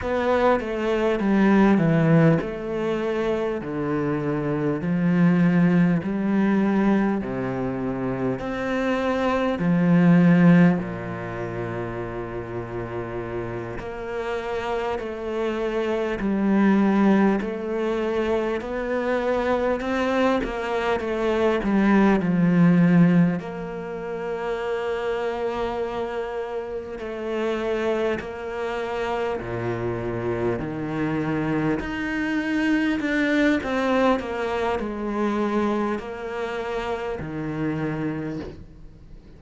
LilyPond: \new Staff \with { instrumentName = "cello" } { \time 4/4 \tempo 4 = 50 b8 a8 g8 e8 a4 d4 | f4 g4 c4 c'4 | f4 ais,2~ ais,8 ais8~ | ais8 a4 g4 a4 b8~ |
b8 c'8 ais8 a8 g8 f4 ais8~ | ais2~ ais8 a4 ais8~ | ais8 ais,4 dis4 dis'4 d'8 | c'8 ais8 gis4 ais4 dis4 | }